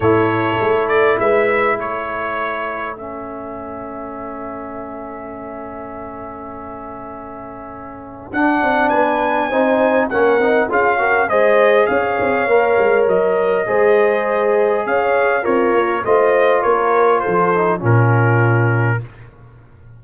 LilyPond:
<<
  \new Staff \with { instrumentName = "trumpet" } { \time 4/4 \tempo 4 = 101 cis''4. d''8 e''4 cis''4~ | cis''4 e''2.~ | e''1~ | e''2 fis''4 gis''4~ |
gis''4 fis''4 f''4 dis''4 | f''2 dis''2~ | dis''4 f''4 cis''4 dis''4 | cis''4 c''4 ais'2 | }
  \new Staff \with { instrumentName = "horn" } { \time 4/4 a'2 b'4 a'4~ | a'1~ | a'1~ | a'2. b'4 |
c''4 ais'4 gis'8 ais'8 c''4 | cis''2. c''4~ | c''4 cis''4 f'4 c''4 | ais'4 a'4 f'2 | }
  \new Staff \with { instrumentName = "trombone" } { \time 4/4 e'1~ | e'4 cis'2.~ | cis'1~ | cis'2 d'2 |
dis'4 cis'8 dis'8 f'8 fis'8 gis'4~ | gis'4 ais'2 gis'4~ | gis'2 ais'4 f'4~ | f'4. dis'8 cis'2 | }
  \new Staff \with { instrumentName = "tuba" } { \time 4/4 a,4 a4 gis4 a4~ | a1~ | a1~ | a2 d'8 c'8 b4 |
c'4 ais8 c'8 cis'4 gis4 | cis'8 c'8 ais8 gis8 fis4 gis4~ | gis4 cis'4 c'8 ais8 a4 | ais4 f4 ais,2 | }
>>